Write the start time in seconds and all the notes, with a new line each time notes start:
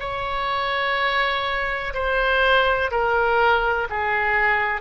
0.00 C#5
1.94 C5
2.91 A#4
3.90 G#4